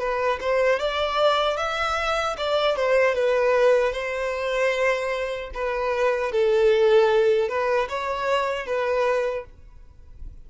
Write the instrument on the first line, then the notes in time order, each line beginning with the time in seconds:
violin
0.00 B4
0.41 C5
0.80 D5
1.58 E5
2.38 D5
2.77 C5
3.15 B4
3.93 C5
5.54 B4
6.32 A4
7.49 B4
7.89 C#5
8.67 B4